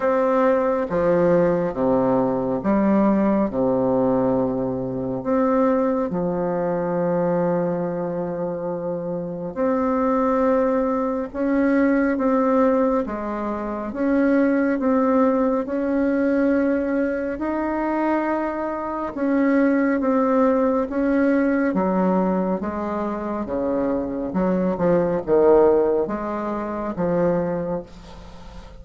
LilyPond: \new Staff \with { instrumentName = "bassoon" } { \time 4/4 \tempo 4 = 69 c'4 f4 c4 g4 | c2 c'4 f4~ | f2. c'4~ | c'4 cis'4 c'4 gis4 |
cis'4 c'4 cis'2 | dis'2 cis'4 c'4 | cis'4 fis4 gis4 cis4 | fis8 f8 dis4 gis4 f4 | }